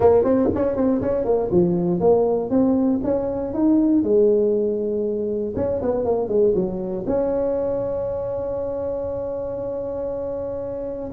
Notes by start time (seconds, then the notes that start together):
0.00 A#3
0.24 C4
0.54 C#4
0.76 C4
1.01 C#4
1.25 A#3
1.51 F3
1.99 A#3
2.50 C4
3.03 C#4
3.53 D#4
4.03 G#3
5.56 C#4
5.82 B3
6.04 A#3
6.28 G#3
6.54 F#3
7.07 C#4